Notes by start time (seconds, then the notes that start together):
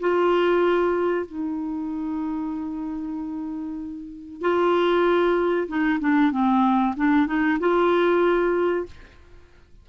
0.00 F4
1.26 D#4
4.41 F4
5.68 D#4
6.00 D4
6.32 C4
6.97 D4
7.27 D#4
7.60 F4